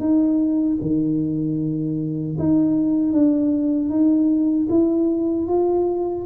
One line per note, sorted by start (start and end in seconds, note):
0.00 0.78 D#4
0.81 2.37 D#3
2.39 3.13 D#4
3.13 3.90 D4
3.90 4.68 D#4
4.70 5.48 E4
5.48 6.26 F4